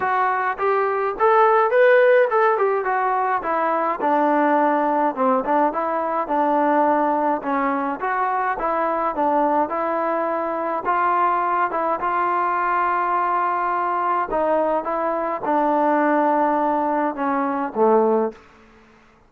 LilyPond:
\new Staff \with { instrumentName = "trombone" } { \time 4/4 \tempo 4 = 105 fis'4 g'4 a'4 b'4 | a'8 g'8 fis'4 e'4 d'4~ | d'4 c'8 d'8 e'4 d'4~ | d'4 cis'4 fis'4 e'4 |
d'4 e'2 f'4~ | f'8 e'8 f'2.~ | f'4 dis'4 e'4 d'4~ | d'2 cis'4 a4 | }